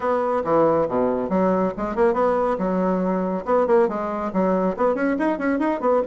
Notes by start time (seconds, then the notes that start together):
0.00 B3
0.44 E3
0.88 B2
1.29 F#3
1.77 G#3
1.95 A#3
2.13 B3
2.58 F#3
3.45 B3
3.67 A#3
3.88 G#3
4.33 F#3
4.77 B3
4.94 C#4
5.18 D#4
5.38 C#4
5.59 D#4
5.80 B3